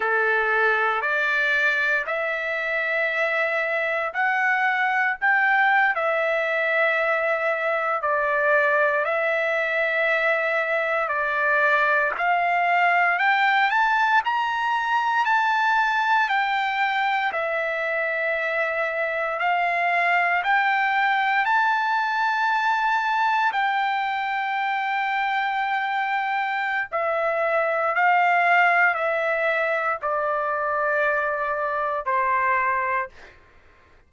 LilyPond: \new Staff \with { instrumentName = "trumpet" } { \time 4/4 \tempo 4 = 58 a'4 d''4 e''2 | fis''4 g''8. e''2 d''16~ | d''8. e''2 d''4 f''16~ | f''8. g''8 a''8 ais''4 a''4 g''16~ |
g''8. e''2 f''4 g''16~ | g''8. a''2 g''4~ g''16~ | g''2 e''4 f''4 | e''4 d''2 c''4 | }